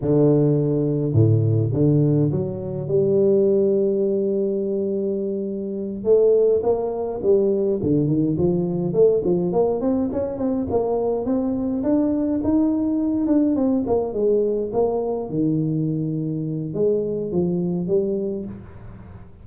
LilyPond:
\new Staff \with { instrumentName = "tuba" } { \time 4/4 \tempo 4 = 104 d2 a,4 d4 | fis4 g2.~ | g2~ g8 a4 ais8~ | ais8 g4 d8 dis8 f4 a8 |
f8 ais8 c'8 cis'8 c'8 ais4 c'8~ | c'8 d'4 dis'4. d'8 c'8 | ais8 gis4 ais4 dis4.~ | dis4 gis4 f4 g4 | }